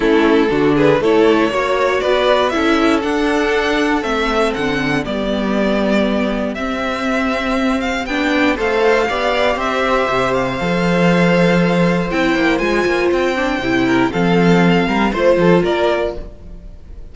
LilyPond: <<
  \new Staff \with { instrumentName = "violin" } { \time 4/4 \tempo 4 = 119 a'4. b'8 cis''2 | d''4 e''4 fis''2 | e''4 fis''4 d''2~ | d''4 e''2~ e''8 f''8 |
g''4 f''2 e''4~ | e''8 f''2.~ f''8 | g''4 gis''4 g''2 | f''2 c''4 d''4 | }
  \new Staff \with { instrumentName = "violin" } { \time 4/4 e'4 fis'8 gis'8 a'4 cis''4 | b'4 a'2.~ | a'2 g'2~ | g'1~ |
g'4 c''4 d''4 c''4~ | c''1~ | c''2.~ c''8 ais'8 | a'4. ais'8 c''8 a'8 ais'4 | }
  \new Staff \with { instrumentName = "viola" } { \time 4/4 cis'4 d'4 e'4 fis'4~ | fis'4 e'4 d'2 | c'2 b2~ | b4 c'2. |
d'4 a'4 g'2~ | g'4 a'2. | e'4 f'4. d'8 e'4 | c'2 f'2 | }
  \new Staff \with { instrumentName = "cello" } { \time 4/4 a4 d4 a4 ais4 | b4 cis'4 d'2 | a4 d4 g2~ | g4 c'2. |
b4 a4 b4 c'4 | c4 f2. | c'8 ais8 gis8 ais8 c'4 c4 | f4. g8 a8 f8 ais4 | }
>>